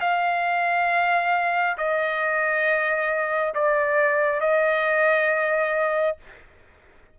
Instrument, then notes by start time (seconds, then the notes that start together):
trumpet
0.00 F5
1.77 D#5
3.54 D5
4.40 D#5